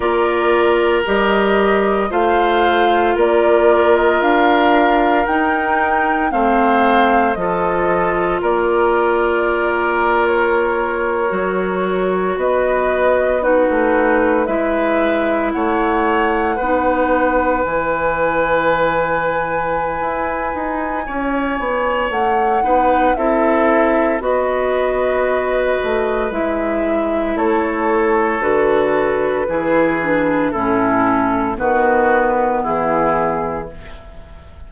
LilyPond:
<<
  \new Staff \with { instrumentName = "flute" } { \time 4/4 \tempo 4 = 57 d''4 dis''4 f''4 d''8. dis''16 | f''4 g''4 f''4 dis''4 | d''4.~ d''16 cis''2 dis''16~ | dis''8. b'4 e''4 fis''4~ fis''16~ |
fis''8. gis''2.~ gis''16~ | gis''4 fis''4 e''4 dis''4~ | dis''4 e''4 cis''4 b'4~ | b'4 a'4 b'4 gis'4 | }
  \new Staff \with { instrumentName = "oboe" } { \time 4/4 ais'2 c''4 ais'4~ | ais'2 c''4 a'4 | ais'2.~ ais'8. b'16~ | b'8. fis'4 b'4 cis''4 b'16~ |
b'1 | cis''4. b'8 a'4 b'4~ | b'2 a'2 | gis'4 e'4 fis'4 e'4 | }
  \new Staff \with { instrumentName = "clarinet" } { \time 4/4 f'4 g'4 f'2~ | f'4 dis'4 c'4 f'4~ | f'2~ f'8. fis'4~ fis'16~ | fis'8. dis'4 e'2 dis'16~ |
dis'8. e'2.~ e'16~ | e'4. dis'8 e'4 fis'4~ | fis'4 e'2 fis'4 | e'8 d'8 cis'4 b2 | }
  \new Staff \with { instrumentName = "bassoon" } { \time 4/4 ais4 g4 a4 ais4 | d'4 dis'4 a4 f4 | ais2~ ais8. fis4 b16~ | b4 a8. gis4 a4 b16~ |
b8. e2~ e16 e'8 dis'8 | cis'8 b8 a8 b8 c'4 b4~ | b8 a8 gis4 a4 d4 | e4 a,4 dis4 e4 | }
>>